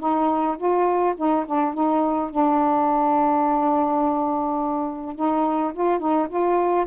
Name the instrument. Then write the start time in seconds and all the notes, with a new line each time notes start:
saxophone
0.00 D#4
0.58 F4
1.17 D#4
1.46 D4
1.74 D#4
2.31 D4
5.16 D#4
5.74 F4
5.99 D#4
6.29 F4